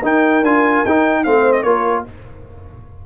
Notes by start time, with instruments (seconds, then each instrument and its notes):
0.00 tuba D#4, trombone D#4, horn A#4, trumpet G5
0.42 tuba D4, trombone F4, trumpet G#5
0.85 tuba D#4, trombone D#4, trumpet G5
1.24 tuba A3, trombone C4, horn C5, trumpet F5
1.53 trumpet D#5
1.63 tuba A#3, trombone F4, horn A#4, trumpet C#5